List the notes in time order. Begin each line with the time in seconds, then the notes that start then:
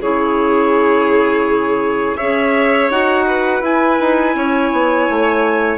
0.00 C#3 E4 G#4 C#5
2.17 C#4 G#4 C#5 E5
2.90 D#4 F#4 F#5
3.27 B4
3.61 E4 G#5
4.00 D#4
4.35 C#4 C#5
4.72 B3
5.09 A3